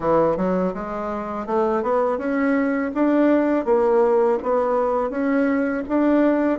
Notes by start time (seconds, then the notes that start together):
0.00 E3
0.37 F#3
0.74 G#3
1.46 A3
1.83 B3
2.18 C#4
2.94 D4
3.65 A#3
4.43 B3
5.10 C#4
5.88 D4